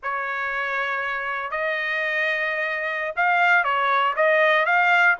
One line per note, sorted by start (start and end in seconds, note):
0.02 1.50 C#5
1.50 3.14 D#5
3.16 3.63 F5
3.63 4.14 C#5
4.16 4.65 D#5
4.65 5.16 F5